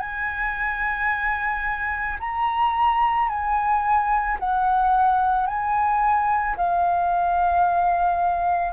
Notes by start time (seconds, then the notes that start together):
0.00 G#5
2.20 A#5
3.29 G#5
4.40 F#5
5.47 G#5
6.57 F5